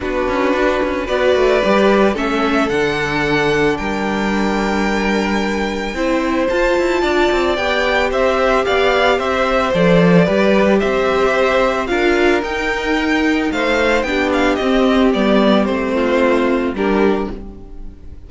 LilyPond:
<<
  \new Staff \with { instrumentName = "violin" } { \time 4/4 \tempo 4 = 111 b'2 d''2 | e''4 fis''2 g''4~ | g''1 | a''2 g''4 e''4 |
f''4 e''4 d''2 | e''2 f''4 g''4~ | g''4 f''4 g''8 f''8 dis''4 | d''4 c''2 ais'4 | }
  \new Staff \with { instrumentName = "violin" } { \time 4/4 fis'2 b'2 | a'2. ais'4~ | ais'2. c''4~ | c''4 d''2 c''4 |
d''4 c''2 b'4 | c''2 ais'2~ | ais'4 c''4 g'2~ | g'4. f'4. g'4 | }
  \new Staff \with { instrumentName = "viola" } { \time 4/4 d'2 fis'4 g'4 | cis'4 d'2.~ | d'2. e'4 | f'2 g'2~ |
g'2 a'4 g'4~ | g'2 f'4 dis'4~ | dis'2 d'4 c'4 | b4 c'2 d'4 | }
  \new Staff \with { instrumentName = "cello" } { \time 4/4 b8 cis'8 d'8 cis'8 b8 a8 g4 | a4 d2 g4~ | g2. c'4 | f'8 e'8 d'8 c'8 b4 c'4 |
b4 c'4 f4 g4 | c'2 d'4 dis'4~ | dis'4 a4 b4 c'4 | g4 a2 g4 | }
>>